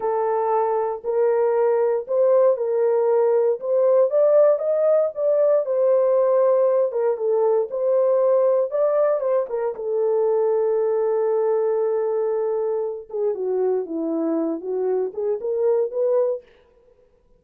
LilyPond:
\new Staff \with { instrumentName = "horn" } { \time 4/4 \tempo 4 = 117 a'2 ais'2 | c''4 ais'2 c''4 | d''4 dis''4 d''4 c''4~ | c''4. ais'8 a'4 c''4~ |
c''4 d''4 c''8 ais'8 a'4~ | a'1~ | a'4. gis'8 fis'4 e'4~ | e'8 fis'4 gis'8 ais'4 b'4 | }